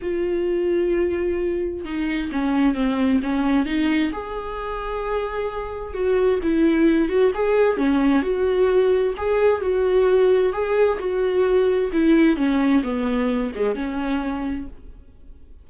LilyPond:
\new Staff \with { instrumentName = "viola" } { \time 4/4 \tempo 4 = 131 f'1 | dis'4 cis'4 c'4 cis'4 | dis'4 gis'2.~ | gis'4 fis'4 e'4. fis'8 |
gis'4 cis'4 fis'2 | gis'4 fis'2 gis'4 | fis'2 e'4 cis'4 | b4. gis8 cis'2 | }